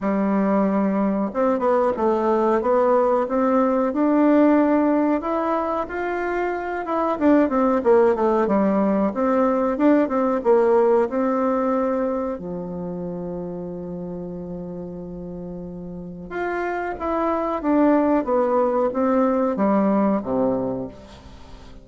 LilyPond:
\new Staff \with { instrumentName = "bassoon" } { \time 4/4 \tempo 4 = 92 g2 c'8 b8 a4 | b4 c'4 d'2 | e'4 f'4. e'8 d'8 c'8 | ais8 a8 g4 c'4 d'8 c'8 |
ais4 c'2 f4~ | f1~ | f4 f'4 e'4 d'4 | b4 c'4 g4 c4 | }